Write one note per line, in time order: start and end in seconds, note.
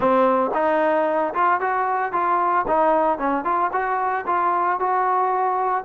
0.00 0.50 C4
0.54 1.33 D#4
1.34 1.60 F4
1.60 2.12 F#4
2.12 2.65 F4
2.67 3.18 D#4
3.18 3.44 C#4
3.44 3.70 F4
3.72 4.25 F#4
4.26 4.79 F4
4.79 5.84 F#4